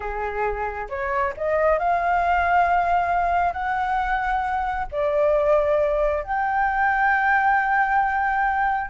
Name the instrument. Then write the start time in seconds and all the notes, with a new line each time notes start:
flute
0.00 G#4
0.89 C#5
1.37 D#5
1.78 F5
3.53 F#5
4.91 D5
6.23 G5